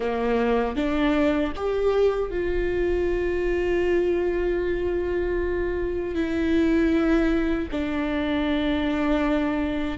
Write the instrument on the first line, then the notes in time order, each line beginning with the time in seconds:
viola
0.00 A#3
0.76 D4
1.56 G4
2.30 F4
6.14 E4
7.71 D4